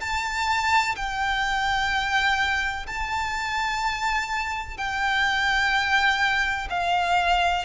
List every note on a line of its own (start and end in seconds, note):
0.00 0.95 A5
0.95 2.86 G5
2.86 4.77 A5
4.77 6.67 G5
6.69 7.65 F5